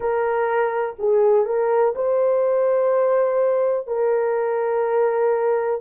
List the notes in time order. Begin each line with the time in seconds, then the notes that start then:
0.00 A#4
0.99 G#4
1.45 A#4
1.95 C5
3.87 A#4